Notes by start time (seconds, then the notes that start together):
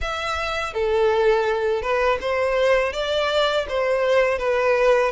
0.01 E5
0.73 A4
1.82 B4
2.21 C5
2.92 D5
3.68 C5
4.38 B4